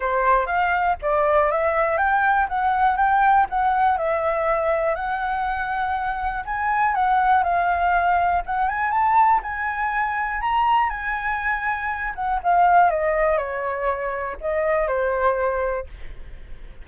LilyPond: \new Staff \with { instrumentName = "flute" } { \time 4/4 \tempo 4 = 121 c''4 f''4 d''4 e''4 | g''4 fis''4 g''4 fis''4 | e''2 fis''2~ | fis''4 gis''4 fis''4 f''4~ |
f''4 fis''8 gis''8 a''4 gis''4~ | gis''4 ais''4 gis''2~ | gis''8 fis''8 f''4 dis''4 cis''4~ | cis''4 dis''4 c''2 | }